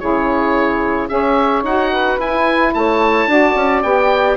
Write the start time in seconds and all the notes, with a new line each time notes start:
0.00 C#3 E4 G#4 C#5
1.09 C#4 G#4 C#5 E5
1.63 D#4 F#4 F#5
1.91 B4
2.19 E4 G#5
2.74 A3 C#5 A5
3.27 D4 F#4 D5
3.55 C#4
3.83 B3 G4 G5